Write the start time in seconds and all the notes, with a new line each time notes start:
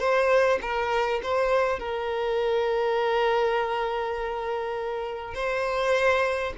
0.00 C5
0.62 A#4
1.23 C5
1.80 A#4
5.35 C5